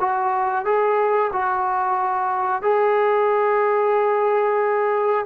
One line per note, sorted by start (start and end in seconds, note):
0.00 0.65 F#4
0.65 1.31 G#4
1.33 2.63 F#4
2.63 5.26 G#4